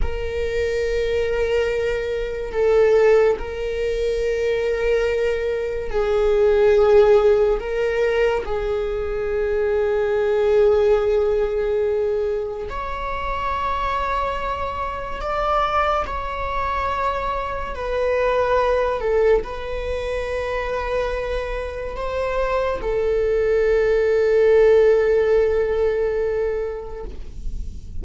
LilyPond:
\new Staff \with { instrumentName = "viola" } { \time 4/4 \tempo 4 = 71 ais'2. a'4 | ais'2. gis'4~ | gis'4 ais'4 gis'2~ | gis'2. cis''4~ |
cis''2 d''4 cis''4~ | cis''4 b'4. a'8 b'4~ | b'2 c''4 a'4~ | a'1 | }